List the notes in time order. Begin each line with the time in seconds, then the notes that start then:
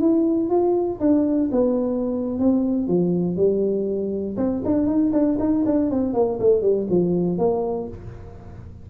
0.00 E4
0.50 F4
1.00 D4
1.52 B3
2.39 C4
2.88 F3
3.37 G3
4.37 C4
4.65 D4
4.87 D#4
5.13 D4
5.39 D#4
5.66 D4
5.90 C4
6.14 A#3
6.40 A3
6.62 G3
6.90 F3
7.38 A#3